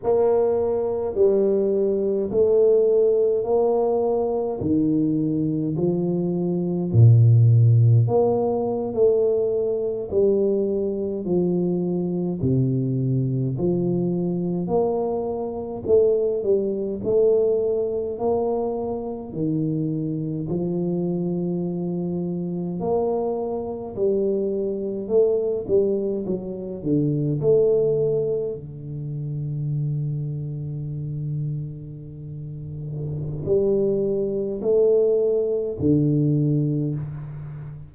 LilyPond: \new Staff \with { instrumentName = "tuba" } { \time 4/4 \tempo 4 = 52 ais4 g4 a4 ais4 | dis4 f4 ais,4 ais8. a16~ | a8. g4 f4 c4 f16~ | f8. ais4 a8 g8 a4 ais16~ |
ais8. dis4 f2 ais16~ | ais8. g4 a8 g8 fis8 d8 a16~ | a8. d2.~ d16~ | d4 g4 a4 d4 | }